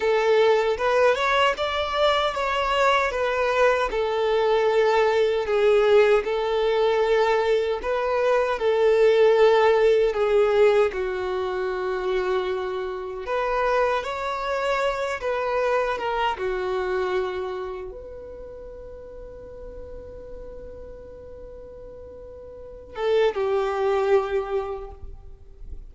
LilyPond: \new Staff \with { instrumentName = "violin" } { \time 4/4 \tempo 4 = 77 a'4 b'8 cis''8 d''4 cis''4 | b'4 a'2 gis'4 | a'2 b'4 a'4~ | a'4 gis'4 fis'2~ |
fis'4 b'4 cis''4. b'8~ | b'8 ais'8 fis'2 b'4~ | b'1~ | b'4. a'8 g'2 | }